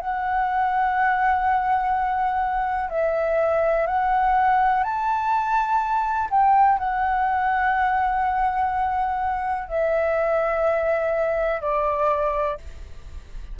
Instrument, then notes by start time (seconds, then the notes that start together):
flute
0.00 F#5
2.90 E5
3.87 F#5
4.83 A5
6.30 G5
6.79 F#5
9.68 E5
11.61 D5